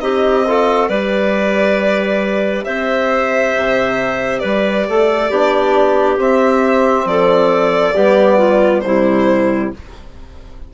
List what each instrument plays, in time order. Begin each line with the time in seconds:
0.00 bassoon C4, trombone D#4, clarinet G4, violin D#5
0.48 trombone F4, clarinet A4
0.89 bassoon G3, trombone G4, clarinet B4, violin D5
2.65 bassoon C4, clarinet C5, violin E5
3.57 bassoon C3
4.40 bassoon G3, clarinet B4, violin D5
4.89 bassoon A3, clarinet A4
5.30 bassoon B3, trombone D4, clarinet G4
6.18 trombone C4, bassoon C4, violin E5
7.06 bassoon F3, clarinet A4, violin D5
7.95 bassoon G3, trombone B3, clarinet G4
8.38 clarinet F4
8.81 bassoon C3, trombone G3, clarinet E4, violin C5